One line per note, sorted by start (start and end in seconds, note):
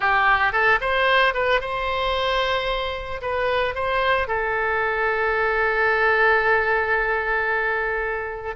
0.00 0.52 G4
0.52 0.79 A4
0.80 1.33 C5
1.33 1.60 B4
1.60 3.21 C5
3.21 3.74 B4
3.74 4.27 C5
4.27 8.56 A4